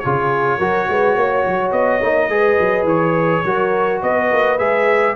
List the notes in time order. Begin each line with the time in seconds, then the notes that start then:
0.00 C#3 F4 G#4 C#5
0.58 F#3 F#4 A#4
0.89 G#3 B4
1.16 A#3 C#5
1.45 F#3
1.72 B3 D#5
2.02 A#3 D#4
2.29 G#3 G#4 B4
2.60 F#3
2.84 E3 C#5
3.45 F#3 F#4 A#4
4.02 B3 B4 D#5
4.32 A#3
4.59 G#3 G#4 E5